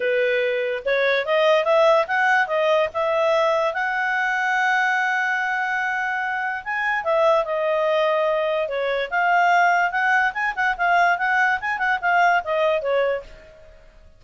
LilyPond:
\new Staff \with { instrumentName = "clarinet" } { \time 4/4 \tempo 4 = 145 b'2 cis''4 dis''4 | e''4 fis''4 dis''4 e''4~ | e''4 fis''2.~ | fis''1 |
gis''4 e''4 dis''2~ | dis''4 cis''4 f''2 | fis''4 gis''8 fis''8 f''4 fis''4 | gis''8 fis''8 f''4 dis''4 cis''4 | }